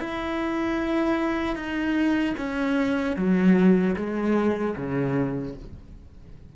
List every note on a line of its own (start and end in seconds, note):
0.00 1.56 E4
1.56 2.35 D#4
2.38 3.17 C#4
3.17 3.96 F#3
3.97 4.75 G#3
4.77 5.56 C#3